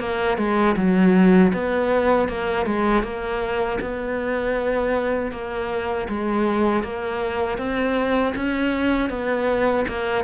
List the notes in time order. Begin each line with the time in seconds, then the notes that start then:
0.00 A#3
0.38 G#3
0.77 F#3
1.54 B3
2.29 A#3
2.66 G#3
3.03 A#3
3.81 B3
5.32 A#3
6.09 G#3
6.84 A#3
7.58 C4
8.36 C#4
9.10 B3
9.88 A#3